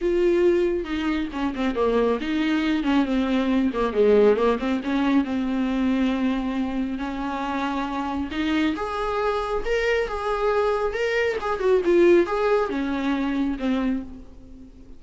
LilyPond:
\new Staff \with { instrumentName = "viola" } { \time 4/4 \tempo 4 = 137 f'2 dis'4 cis'8 c'8 | ais4 dis'4. cis'8 c'4~ | c'8 ais8 gis4 ais8 c'8 cis'4 | c'1 |
cis'2. dis'4 | gis'2 ais'4 gis'4~ | gis'4 ais'4 gis'8 fis'8 f'4 | gis'4 cis'2 c'4 | }